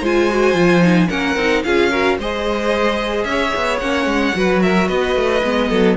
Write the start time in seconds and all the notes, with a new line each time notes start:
0.00 G#3 F4 C5 G#5
0.30 F#4
0.54 F3 F4
0.82 D#4
1.09 A#3 C#4 A#4 F#5
1.36 C4 D#4
1.64 C#4 F4 G#4 F5
1.90 F#4 A#4
2.19 G#3 G#4 C5 D#5
3.24 C#4 C#5 E5
3.55 B3
3.79 A#3 C#4 F#5
4.05 G#3
4.33 F#3 F#4 B4
4.62 A#4 E5
4.87 B3 B4 D#5
5.16 A3
5.44 G#3 B3
5.70 F#3 A4